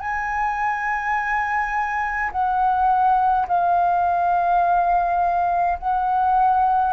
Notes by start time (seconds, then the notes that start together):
0.00 G#5
2.32 F#5
3.48 F5
5.79 F#5